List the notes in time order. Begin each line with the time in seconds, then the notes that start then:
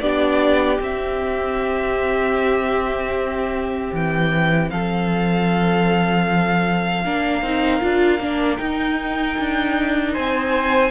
0.00 B3 D4 G4 D5
0.79 C4 E5
3.93 E3 G5
4.70 F3 A4 F5
7.04 A#3 D4 A#4
7.41 C4 D#4
7.81 D4 F4
8.19 A#3 D4
8.56 D#4 G5
9.38 D4
10.13 C4 C5 G#5